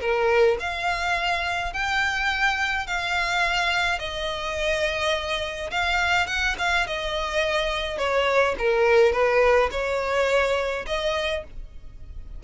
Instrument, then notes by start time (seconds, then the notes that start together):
violin
0.00 A#4
0.60 F5
1.73 G5
2.87 F5
3.99 D#5
5.71 F5
6.27 F#5
6.58 F5
6.87 D#5
7.98 C#5
8.58 A#4
9.12 B4
9.71 C#5
10.86 D#5